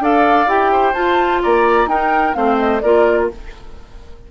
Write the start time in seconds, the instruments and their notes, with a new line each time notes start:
0.00 bassoon D4, clarinet A4, oboe D5, flute F5
0.47 bassoon E4, clarinet G4, flute G5
0.72 oboe C5
0.94 bassoon F4, clarinet F4, flute A5
1.43 bassoon A#3, oboe D5, flute A#5
1.86 bassoon D#4, clarinet D#4, oboe A#4, flute G5
2.34 bassoon A3, clarinet C4, oboe C5, flute F5
2.58 flute D#5
2.80 bassoon A#3, clarinet F4, oboe A#4, flute D5